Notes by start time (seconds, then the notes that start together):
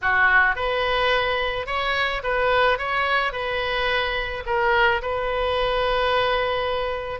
0.01 F#4
0.55 B4
1.66 C#5
2.23 B4
2.78 C#5
3.32 B4
4.46 A#4
5.02 B4